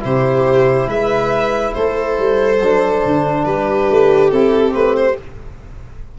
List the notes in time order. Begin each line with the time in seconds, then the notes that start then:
0.00 C3 E4 G4 C5
0.87 G#3 B4 E5
1.74 A3 A4 C5
2.19 G3
2.61 F#3 D4
3.06 D3
3.45 G3 G4 B4
3.90 A3
4.31 C4 E4 A4
4.71 A3 C4 B4
4.97 C5